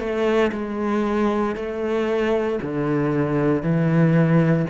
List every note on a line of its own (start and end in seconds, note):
0.00 0.52 A3
0.53 1.56 G#3
1.56 2.60 A3
2.62 3.63 D3
3.63 4.66 E3